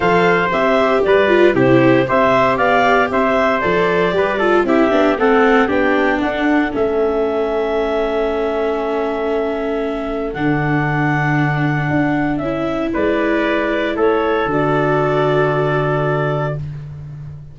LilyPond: <<
  \new Staff \with { instrumentName = "clarinet" } { \time 4/4 \tempo 4 = 116 f''4 e''4 d''4 c''4 | e''4 f''4 e''4 d''4~ | d''4 e''4 fis''4 g''4 | fis''4 e''2.~ |
e''1 | fis''1 | e''4 d''2 cis''4 | d''1 | }
  \new Staff \with { instrumentName = "trumpet" } { \time 4/4 c''2 b'4 g'4 | c''4 d''4 c''2 | b'8 a'8 g'4 a'4 g'4 | a'1~ |
a'1~ | a'1~ | a'4 b'2 a'4~ | a'1 | }
  \new Staff \with { instrumentName = "viola" } { \time 4/4 a'4 g'4. f'8 e'4 | g'2. a'4 | g'8 f'8 e'8 d'8 c'4 d'4~ | d'4 cis'2.~ |
cis'1 | d'1 | e'1 | fis'1 | }
  \new Staff \with { instrumentName = "tuba" } { \time 4/4 f4 c'4 g4 c4 | c'4 b4 c'4 f4 | g4 c'8 b8 a4 b4 | d'4 a2.~ |
a1 | d2. d'4 | cis'4 gis2 a4 | d1 | }
>>